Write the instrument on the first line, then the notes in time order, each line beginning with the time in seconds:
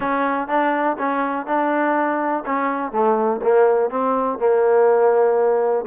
trombone
0.00 C#4
0.47 D4
0.98 C#4
1.46 D4
2.45 C#4
2.92 A3
3.42 A#3
3.90 C4
4.38 A#3